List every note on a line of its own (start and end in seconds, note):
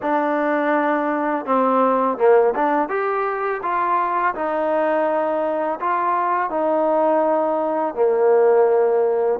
0.02 1.45 D4
1.45 2.17 C4
2.17 2.53 A#3
2.55 2.88 D4
2.88 3.61 G4
3.62 4.34 F4
4.34 5.79 D#4
5.80 6.50 F4
6.50 7.94 D#4
7.95 9.39 A#3